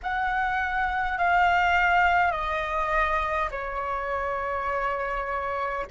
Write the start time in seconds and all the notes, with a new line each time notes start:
0.02 F#5
1.18 F5
2.31 D#5
3.51 C#5